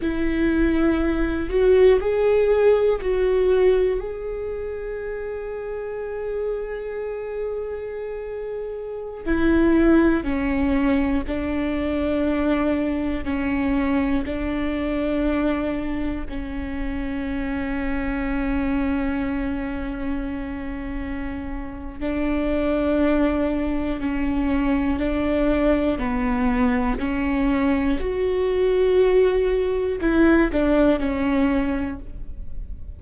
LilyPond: \new Staff \with { instrumentName = "viola" } { \time 4/4 \tempo 4 = 60 e'4. fis'8 gis'4 fis'4 | gis'1~ | gis'4~ gis'16 e'4 cis'4 d'8.~ | d'4~ d'16 cis'4 d'4.~ d'16~ |
d'16 cis'2.~ cis'8.~ | cis'2 d'2 | cis'4 d'4 b4 cis'4 | fis'2 e'8 d'8 cis'4 | }